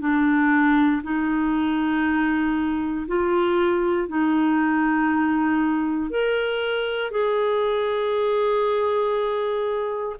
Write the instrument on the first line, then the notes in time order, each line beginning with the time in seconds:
clarinet
0.00 D4
1.03 D#4
3.07 F4
4.08 D#4
6.10 A#4
7.11 G#4